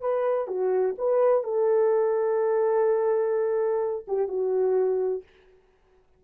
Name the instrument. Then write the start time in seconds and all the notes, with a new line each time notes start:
horn
0.00 B4
0.47 F#4
0.98 B4
1.43 A4
4.07 G4
4.27 F#4